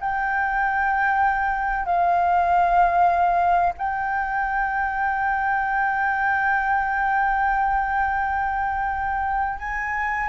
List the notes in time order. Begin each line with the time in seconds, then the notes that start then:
0.00 G5
1.85 F5
3.78 G5
9.58 G#5